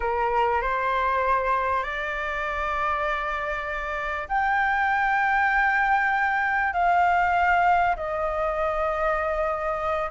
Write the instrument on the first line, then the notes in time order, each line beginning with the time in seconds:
flute
0.00 A#4
0.61 C5
1.83 D5
4.28 G5
6.73 F5
7.96 D#5